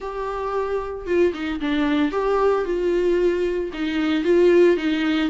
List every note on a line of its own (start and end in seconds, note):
0.00 1.06 G4
1.06 1.33 F4
1.33 1.60 D#4
1.60 2.11 D4
2.11 2.64 G4
2.64 3.70 F4
3.73 4.24 D#4
4.24 4.76 F4
4.76 5.29 D#4